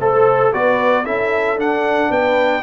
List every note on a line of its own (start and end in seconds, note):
0.00 0.53 A3
0.00 0.53 A4
0.00 0.52 C5
0.52 1.07 B3
0.52 1.05 F#4
0.52 1.05 B4
0.52 1.06 D5
1.05 1.57 C#4
1.05 1.57 E4
1.05 2.11 A4
1.05 1.59 E5
1.57 2.10 D4
1.57 2.63 D4
1.57 2.12 F#5
2.11 2.63 B3
2.11 2.63 B4
2.11 2.63 G5